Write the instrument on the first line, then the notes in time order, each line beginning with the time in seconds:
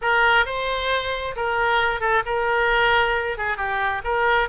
oboe
0.01 A#4
0.45 C5
1.36 A#4
2.00 A4
2.25 A#4
3.37 G#4
3.57 G4
4.04 A#4